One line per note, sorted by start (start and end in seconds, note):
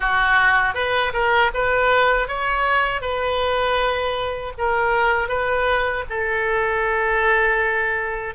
0.00 0.74 F#4
0.74 1.12 B4
1.13 1.51 A#4
1.54 2.28 B4
2.28 3.01 C#5
3.01 4.53 B4
4.58 5.28 A#4
5.28 6.04 B4
6.09 8.34 A4